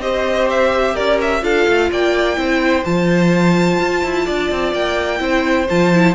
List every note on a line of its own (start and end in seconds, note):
0.00 0.94 C4
0.00 1.42 G4
0.00 0.94 C5
0.00 0.48 D#5
0.50 0.96 E5
0.94 1.43 C#4
0.94 1.41 A#4
0.94 1.20 D5
1.22 1.44 E5
1.42 1.67 D4
1.42 2.36 F4
1.42 1.91 A4
1.42 1.92 F5
1.68 1.91 A3
1.92 2.38 A#3
1.92 2.39 D5
1.92 2.85 G5
2.36 2.85 C4
2.36 2.83 E4
2.36 4.25 C5
2.85 3.80 F3
2.85 5.19 F4
2.85 4.74 A5
3.80 4.04 F4
4.04 4.28 E4
4.25 4.51 D4
4.25 5.20 D5
4.51 4.73 C4
4.73 5.20 A#3
4.73 5.69 G5
5.19 5.67 C4
5.19 5.66 E4
5.19 6.15 C5
5.69 6.15 F3
5.69 5.94 F4
5.69 6.15 A5
5.94 6.15 E4